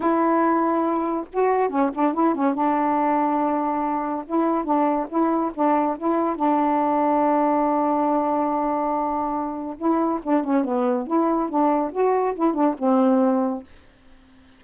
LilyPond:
\new Staff \with { instrumentName = "saxophone" } { \time 4/4 \tempo 4 = 141 e'2. fis'4 | cis'8 d'8 e'8 cis'8 d'2~ | d'2 e'4 d'4 | e'4 d'4 e'4 d'4~ |
d'1~ | d'2. e'4 | d'8 cis'8 b4 e'4 d'4 | fis'4 e'8 d'8 c'2 | }